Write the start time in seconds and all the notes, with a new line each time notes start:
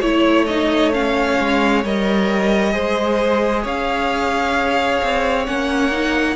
0.00 A3 E4 C#5
0.46 D#4 D#5
0.92 C#4 F5
1.39 G#3
1.84 G3 A#4 D#5
2.72 G#3 G#4 C5
3.62 C#4 C#5 F5
5.02 C4
5.46 A#3 C#4 F#5
5.91 D#4